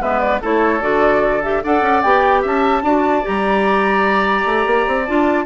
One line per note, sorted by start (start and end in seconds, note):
0.00 0.41 G#3
0.00 0.41 B3
0.00 0.41 B4
0.00 0.19 E5
0.19 0.40 D5
0.41 0.81 A3
0.41 0.80 E4
0.41 1.63 A4
0.41 0.82 C#5
0.80 1.62 D3
0.80 1.41 F#4
0.80 1.42 D5
1.42 1.63 G4
1.42 1.63 E5
1.63 1.81 D4
1.63 2.04 A4
1.63 2.41 D5
1.63 2.02 F#5
1.81 2.02 C#4
2.02 2.44 B3
2.02 2.84 G4
2.02 2.43 G5
2.41 2.82 C#4
2.41 2.82 E5
2.41 3.26 A5
2.82 3.23 D4
2.82 3.22 F#4
2.82 5.45 D5
3.22 4.45 G3
3.22 5.05 G4
3.22 5.05 A#5
4.45 4.65 A3
4.66 4.86 A#3
4.87 5.07 C4
5.05 5.45 D4
5.05 5.45 F4
5.05 5.45 A5